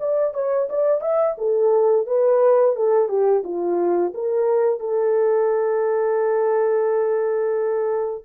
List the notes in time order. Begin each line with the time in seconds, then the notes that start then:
0.00 D5
0.34 C#5
0.70 D5
1.01 E5
1.38 A4
2.07 B4
2.76 A4
3.09 G4
3.44 F4
4.14 A#4
4.80 A4